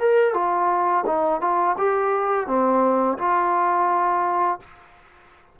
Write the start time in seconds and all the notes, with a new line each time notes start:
0.00 A#4
0.34 F4
1.07 D#4
1.41 F4
1.78 G4
2.48 C4
3.19 F4